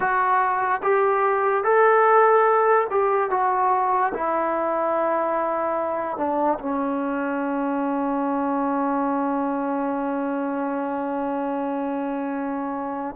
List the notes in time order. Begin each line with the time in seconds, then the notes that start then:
0.00 F#4
0.83 G4
1.64 A4
2.90 G4
3.30 F#4
4.14 E4
6.17 D4
6.59 C#4